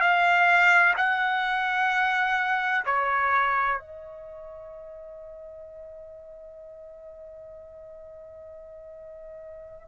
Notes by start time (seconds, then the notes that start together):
0.00 F5
0.97 F#5
2.85 C#5
3.79 D#5